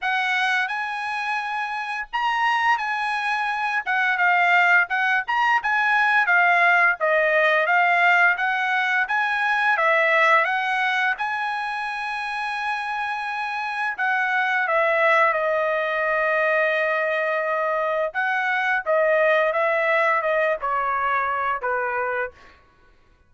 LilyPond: \new Staff \with { instrumentName = "trumpet" } { \time 4/4 \tempo 4 = 86 fis''4 gis''2 ais''4 | gis''4. fis''8 f''4 fis''8 ais''8 | gis''4 f''4 dis''4 f''4 | fis''4 gis''4 e''4 fis''4 |
gis''1 | fis''4 e''4 dis''2~ | dis''2 fis''4 dis''4 | e''4 dis''8 cis''4. b'4 | }